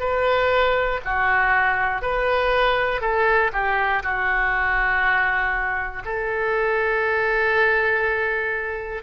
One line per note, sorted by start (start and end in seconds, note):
0.00 1.00 B4
1.05 2.02 F#4
2.02 3.01 B4
3.01 3.51 A4
3.53 4.03 G4
4.03 6.03 F#4
6.05 9.03 A4